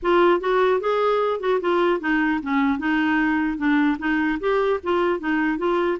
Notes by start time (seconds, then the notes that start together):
0.02 F4
0.40 F#4
0.80 G#4
1.39 F#4
1.60 F4
2.00 D#4
2.42 C#4
2.79 D#4
3.57 D4
3.98 D#4
4.39 G4
4.83 F4
5.19 D#4
5.58 F4